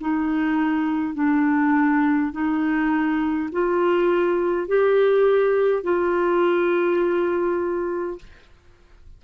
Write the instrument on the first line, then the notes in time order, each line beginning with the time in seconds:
clarinet
0.00 D#4
1.14 D4
2.32 D#4
3.52 F4
4.67 G4
5.83 F4